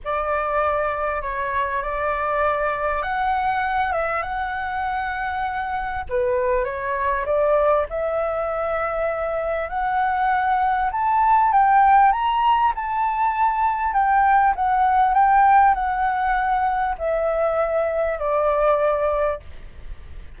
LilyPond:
\new Staff \with { instrumentName = "flute" } { \time 4/4 \tempo 4 = 99 d''2 cis''4 d''4~ | d''4 fis''4. e''8 fis''4~ | fis''2 b'4 cis''4 | d''4 e''2. |
fis''2 a''4 g''4 | ais''4 a''2 g''4 | fis''4 g''4 fis''2 | e''2 d''2 | }